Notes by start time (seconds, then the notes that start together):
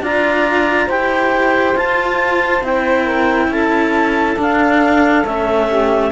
0.00 D4 F4 D5 A#5
0.86 E4 G4 C5 G5
1.75 F4 A5
2.61 C4 E4 G5
3.03 A#4
3.48 C#4 A4 A5
4.36 D4 F5
5.24 A3 C#4 E5
5.67 G4